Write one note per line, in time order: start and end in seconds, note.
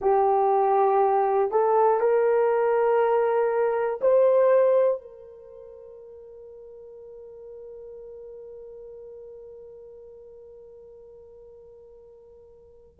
0.00 1.50 G4
1.50 2.00 A4
2.00 4.00 A#4
4.01 5.01 C5
5.01 13.00 A#4